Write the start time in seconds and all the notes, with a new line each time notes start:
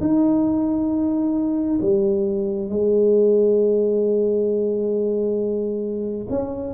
0.00 D#4
1.81 G3
2.69 G#3
6.29 C#4